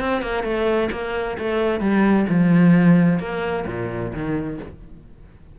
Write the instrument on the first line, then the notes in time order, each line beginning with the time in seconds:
cello
0.00 C4
0.22 A#3
0.44 A3
0.92 A#3
1.39 A3
1.80 G3
2.29 F3
3.20 A#3
3.67 A#2
4.13 D#3